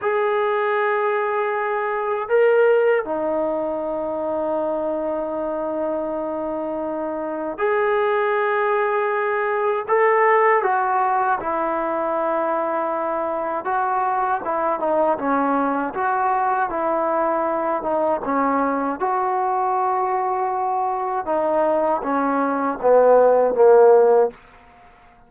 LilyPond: \new Staff \with { instrumentName = "trombone" } { \time 4/4 \tempo 4 = 79 gis'2. ais'4 | dis'1~ | dis'2 gis'2~ | gis'4 a'4 fis'4 e'4~ |
e'2 fis'4 e'8 dis'8 | cis'4 fis'4 e'4. dis'8 | cis'4 fis'2. | dis'4 cis'4 b4 ais4 | }